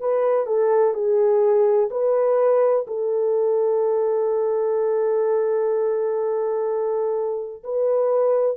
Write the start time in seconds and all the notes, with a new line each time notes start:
0.00 B4
0.46 A4
0.94 G#4
1.91 B4
2.87 A4
7.64 B4